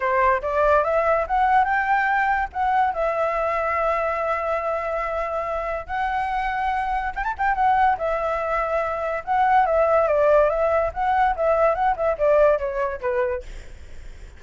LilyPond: \new Staff \with { instrumentName = "flute" } { \time 4/4 \tempo 4 = 143 c''4 d''4 e''4 fis''4 | g''2 fis''4 e''4~ | e''1~ | e''2 fis''2~ |
fis''4 g''16 a''16 g''8 fis''4 e''4~ | e''2 fis''4 e''4 | d''4 e''4 fis''4 e''4 | fis''8 e''8 d''4 cis''4 b'4 | }